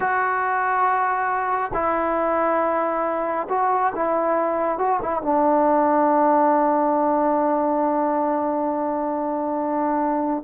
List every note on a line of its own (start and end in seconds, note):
0.00 1.72 F#4
1.73 3.47 E4
3.49 3.92 F#4
3.95 4.78 E4
4.78 5.00 F#4
5.02 5.22 E4
5.22 10.43 D4